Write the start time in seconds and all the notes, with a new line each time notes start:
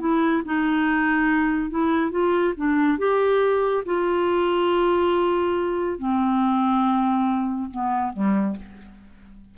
0.00 E4
0.45 D#4
1.71 E4
2.11 F4
2.57 D4
2.99 G4
3.86 F4
5.99 C4
7.71 B3
8.14 G3